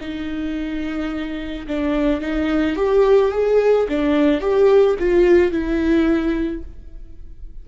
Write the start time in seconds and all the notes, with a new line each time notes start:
0.00 D#4
1.67 D4
2.21 D#4
2.76 G4
3.31 G#4
3.88 D4
4.40 G4
4.99 F4
5.52 E4